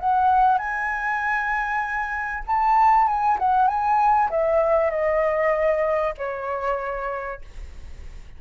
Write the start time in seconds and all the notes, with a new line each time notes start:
0.00 F#5
0.58 G#5
2.47 A5
3.08 G#5
3.39 F#5
3.68 G#5
4.31 E5
4.91 D#5
6.18 C#5